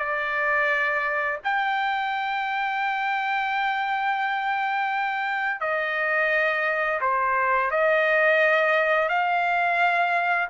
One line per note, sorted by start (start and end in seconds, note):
0.00 1.40 D5
1.45 5.61 G5
5.61 7.01 D#5
7.01 7.71 C5
7.71 9.10 D#5
9.10 10.49 F5